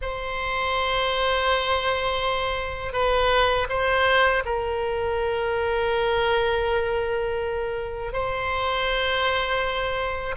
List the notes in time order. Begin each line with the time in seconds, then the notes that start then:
0.01 C5
2.93 B4
3.69 C5
4.45 A#4
8.12 C5